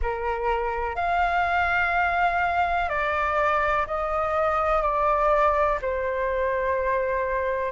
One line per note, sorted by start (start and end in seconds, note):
0.01 0.95 A#4
0.95 2.89 F5
2.89 3.86 D5
3.87 4.81 D#5
4.81 5.78 D5
5.81 7.72 C5